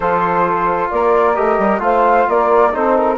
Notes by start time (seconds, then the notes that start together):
0.00 F3 F4 A4 C5
0.89 A#3 A#4 D5
1.34 A3 G4 D#5
1.58 G3
1.79 A3 F4 C5 F5
2.27 A#3 A#4 D5
2.71 C4 D#4 A4 C5
2.96 A#4